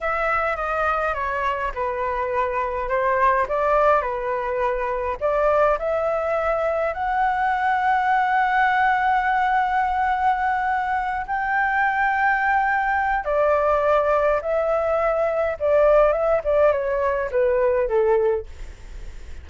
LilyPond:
\new Staff \with { instrumentName = "flute" } { \time 4/4 \tempo 4 = 104 e''4 dis''4 cis''4 b'4~ | b'4 c''4 d''4 b'4~ | b'4 d''4 e''2 | fis''1~ |
fis''2.~ fis''8 g''8~ | g''2. d''4~ | d''4 e''2 d''4 | e''8 d''8 cis''4 b'4 a'4 | }